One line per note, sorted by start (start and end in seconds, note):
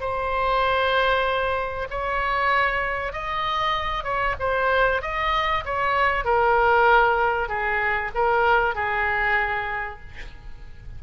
0.00 1.88 C5
1.90 3.12 C#5
3.12 4.04 D#5
4.04 4.35 C#5
4.39 5.01 C5
5.01 5.64 D#5
5.65 6.24 C#5
6.24 7.48 A#4
7.48 8.11 G#4
8.14 8.75 A#4
8.75 10.00 G#4